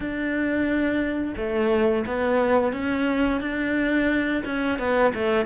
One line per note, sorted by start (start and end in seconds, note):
0.00 1.33 D4
1.36 2.05 A3
2.06 2.73 B3
2.73 3.40 C#4
3.40 4.43 D4
4.44 4.78 C#4
4.78 5.12 B3
5.14 5.45 A3